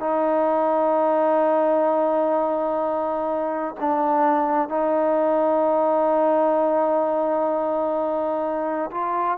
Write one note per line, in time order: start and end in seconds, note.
0.00 3.75 D#4
3.80 4.69 D4
4.69 8.91 D#4
8.92 9.38 F4